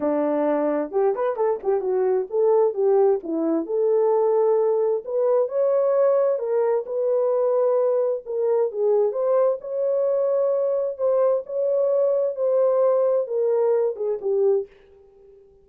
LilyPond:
\new Staff \with { instrumentName = "horn" } { \time 4/4 \tempo 4 = 131 d'2 g'8 b'8 a'8 g'8 | fis'4 a'4 g'4 e'4 | a'2. b'4 | cis''2 ais'4 b'4~ |
b'2 ais'4 gis'4 | c''4 cis''2. | c''4 cis''2 c''4~ | c''4 ais'4. gis'8 g'4 | }